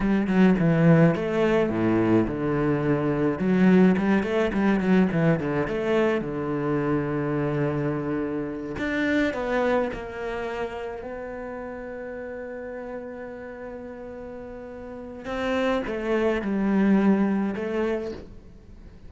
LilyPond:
\new Staff \with { instrumentName = "cello" } { \time 4/4 \tempo 4 = 106 g8 fis8 e4 a4 a,4 | d2 fis4 g8 a8 | g8 fis8 e8 d8 a4 d4~ | d2.~ d8 d'8~ |
d'8 b4 ais2 b8~ | b1~ | b2. c'4 | a4 g2 a4 | }